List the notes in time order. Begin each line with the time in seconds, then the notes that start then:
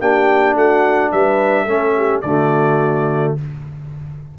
0.00 A#3 D4 G4 G5
0.55 A3 F#4 F#5
1.11 G3 B4 E5
1.64 A3 C#4 A4
1.96 G4
2.21 D3 A3 F#4 D5